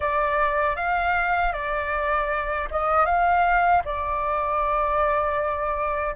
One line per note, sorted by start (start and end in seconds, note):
0.00 0.76 D5
0.76 1.52 F5
1.52 2.68 D5
2.70 3.05 D#5
3.05 3.82 F5
3.85 6.15 D5